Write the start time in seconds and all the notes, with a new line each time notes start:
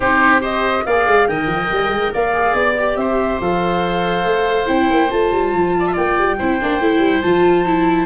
0.00 C4 D#4 G4 C5
0.40 G4 C5 D#5
0.85 A#3 G#4 D5 F5
1.06 G#3
1.27 D#3 A#4 D#5 G5
1.46 F3
1.71 G3
1.88 G#3
2.13 A#3 D5 F5
2.33 G#4
2.53 B3 D5
2.78 G4
2.96 C4 C5 E5
3.40 F3 A4 F5
4.24 A3
4.66 C4 E4 G5
4.90 A#3
5.10 A3 F4 A5
5.31 G3
5.53 F3
5.79 D5
5.87 D5 E5
5.96 A#3 G5
6.18 G3
6.38 C4 E4 C5
6.61 A#3 D4
6.80 A3 E4
6.98 G3
7.21 F3 F4 A5
7.65 E4